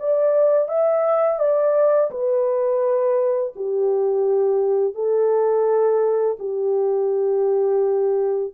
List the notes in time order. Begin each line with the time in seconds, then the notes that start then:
0.00 D5
0.69 E5
1.39 D5
2.11 B4
3.56 G4
4.95 A4
6.40 G4